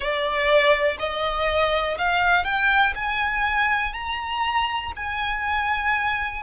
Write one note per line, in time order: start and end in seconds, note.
0.00 0.97 D5
0.99 1.97 D#5
1.98 2.44 F5
2.44 2.93 G5
2.95 3.93 G#5
3.93 4.92 A#5
4.96 6.42 G#5